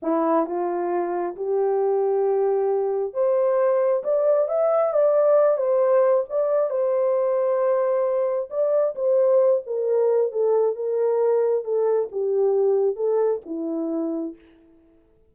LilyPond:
\new Staff \with { instrumentName = "horn" } { \time 4/4 \tempo 4 = 134 e'4 f'2 g'4~ | g'2. c''4~ | c''4 d''4 e''4 d''4~ | d''8 c''4. d''4 c''4~ |
c''2. d''4 | c''4. ais'4. a'4 | ais'2 a'4 g'4~ | g'4 a'4 e'2 | }